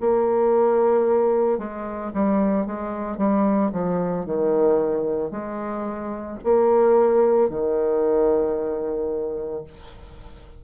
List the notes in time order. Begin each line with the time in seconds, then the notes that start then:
0.00 A#3
1.58 G#3
2.13 G3
2.66 G#3
3.18 G3
3.72 F3
4.25 D#3
5.31 G#3
6.44 A#3
7.50 D#3